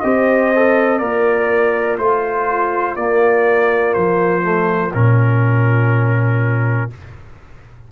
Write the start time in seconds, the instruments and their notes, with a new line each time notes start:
0.00 tuba C4, trombone G4, horn C5, trumpet D#5
0.55 trombone A4
0.98 tuba A#3, horn F4, trombone A#4, trumpet D5
1.98 tuba A3, trombone F4, trumpet C5
2.95 tuba A#3, trombone A#3, trumpet D5
3.93 tuba F3, trumpet C5
4.42 trombone A3
4.93 tuba A#2, trombone C#4, trumpet A#4